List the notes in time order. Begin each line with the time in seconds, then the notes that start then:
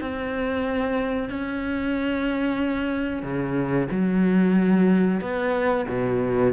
0.00 C4
1.29 C#4
3.22 C#3
3.91 F#3
5.21 B3
5.88 B2